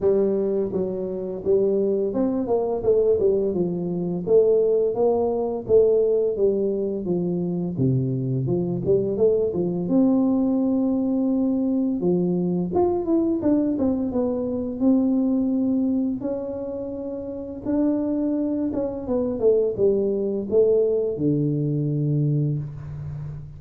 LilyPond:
\new Staff \with { instrumentName = "tuba" } { \time 4/4 \tempo 4 = 85 g4 fis4 g4 c'8 ais8 | a8 g8 f4 a4 ais4 | a4 g4 f4 c4 | f8 g8 a8 f8 c'2~ |
c'4 f4 f'8 e'8 d'8 c'8 | b4 c'2 cis'4~ | cis'4 d'4. cis'8 b8 a8 | g4 a4 d2 | }